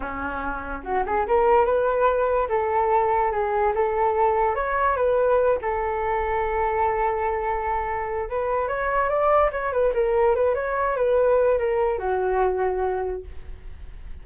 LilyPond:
\new Staff \with { instrumentName = "flute" } { \time 4/4 \tempo 4 = 145 cis'2 fis'8 gis'8 ais'4 | b'2 a'2 | gis'4 a'2 cis''4 | b'4. a'2~ a'8~ |
a'1 | b'4 cis''4 d''4 cis''8 b'8 | ais'4 b'8 cis''4 b'4. | ais'4 fis'2. | }